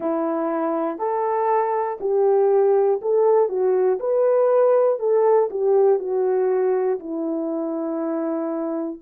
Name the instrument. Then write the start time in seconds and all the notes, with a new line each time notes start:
horn
0.00 E4
0.98 A4
2.00 G4
3.01 A4
3.49 F#4
3.99 B4
4.99 A4
5.50 G4
5.99 F#4
6.99 E4